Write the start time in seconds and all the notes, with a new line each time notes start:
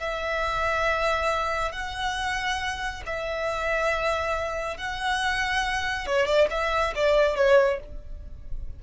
0.00 E5
1.73 F#5
3.06 E5
4.77 F#5
6.07 C#5
6.26 D5
6.51 E5
6.95 D5
7.36 C#5